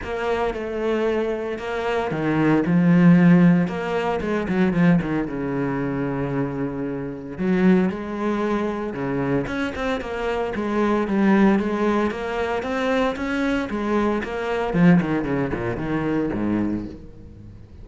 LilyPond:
\new Staff \with { instrumentName = "cello" } { \time 4/4 \tempo 4 = 114 ais4 a2 ais4 | dis4 f2 ais4 | gis8 fis8 f8 dis8 cis2~ | cis2 fis4 gis4~ |
gis4 cis4 cis'8 c'8 ais4 | gis4 g4 gis4 ais4 | c'4 cis'4 gis4 ais4 | f8 dis8 cis8 ais,8 dis4 gis,4 | }